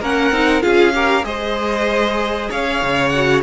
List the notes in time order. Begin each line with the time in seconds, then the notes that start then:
0.00 A#3 C#4 A#4 F#5
0.31 C4 D#4
0.61 C#4 F4 G#4 F5
0.94 G4 A#4
1.23 G#3 G#4 C5 D#5
2.49 C#4 C#5 F5
2.82 C#3
3.09 F#4 F#5